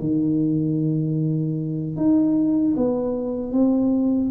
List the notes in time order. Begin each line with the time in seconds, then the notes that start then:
0.00 D#3
1.97 D#4
2.77 B3
3.52 C4